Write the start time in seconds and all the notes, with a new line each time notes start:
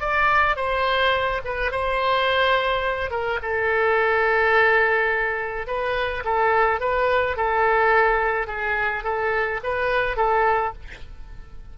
0.00 D5
0.56 C5
1.44 B4
1.71 C5
3.11 A#4
3.42 A4
5.67 B4
6.24 A4
6.80 B4
7.37 A4
8.47 G#4
9.03 A4
9.63 B4
10.16 A4